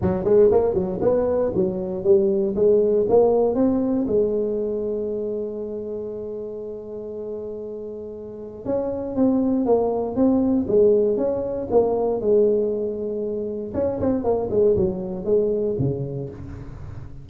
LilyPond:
\new Staff \with { instrumentName = "tuba" } { \time 4/4 \tempo 4 = 118 fis8 gis8 ais8 fis8 b4 fis4 | g4 gis4 ais4 c'4 | gis1~ | gis1~ |
gis4 cis'4 c'4 ais4 | c'4 gis4 cis'4 ais4 | gis2. cis'8 c'8 | ais8 gis8 fis4 gis4 cis4 | }